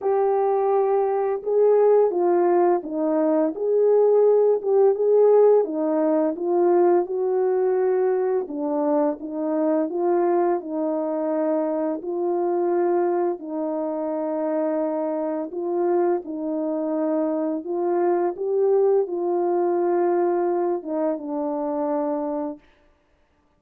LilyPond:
\new Staff \with { instrumentName = "horn" } { \time 4/4 \tempo 4 = 85 g'2 gis'4 f'4 | dis'4 gis'4. g'8 gis'4 | dis'4 f'4 fis'2 | d'4 dis'4 f'4 dis'4~ |
dis'4 f'2 dis'4~ | dis'2 f'4 dis'4~ | dis'4 f'4 g'4 f'4~ | f'4. dis'8 d'2 | }